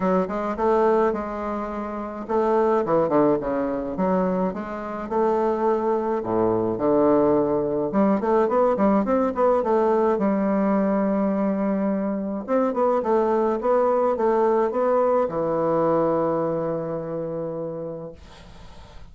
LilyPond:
\new Staff \with { instrumentName = "bassoon" } { \time 4/4 \tempo 4 = 106 fis8 gis8 a4 gis2 | a4 e8 d8 cis4 fis4 | gis4 a2 a,4 | d2 g8 a8 b8 g8 |
c'8 b8 a4 g2~ | g2 c'8 b8 a4 | b4 a4 b4 e4~ | e1 | }